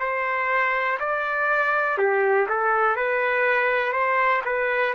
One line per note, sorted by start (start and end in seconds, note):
0.00 0.98 C5
0.99 1.98 D5
1.98 2.47 G4
2.49 2.96 A4
2.96 3.93 B4
3.93 4.42 C5
4.45 4.94 B4